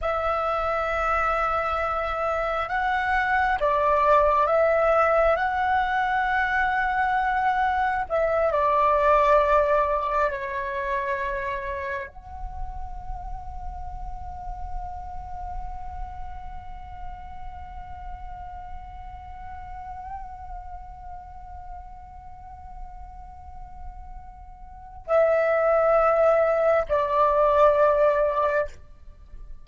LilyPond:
\new Staff \with { instrumentName = "flute" } { \time 4/4 \tempo 4 = 67 e''2. fis''4 | d''4 e''4 fis''2~ | fis''4 e''8 d''2 cis''8~ | cis''4. fis''2~ fis''8~ |
fis''1~ | fis''1~ | fis''1 | e''2 d''2 | }